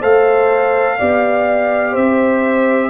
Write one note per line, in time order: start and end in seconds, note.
0.00 0.99 A3
0.00 0.98 A4
0.00 0.97 C5
0.00 1.95 F5
0.98 1.96 B3
0.98 2.90 G4
0.98 1.92 D5
1.92 2.90 C4
1.92 2.89 C5
1.92 2.90 E5